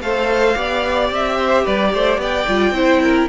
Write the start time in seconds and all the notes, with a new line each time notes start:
0.00 A3 A4 C5 F5
0.54 B3 G4 D5
1.10 C4 E5
1.36 C5
1.63 G3 B4 D5
1.94 A3 C5
2.17 B3 D5 G5
2.47 G3 F4
2.71 C4 E4 C5
3.02 A#4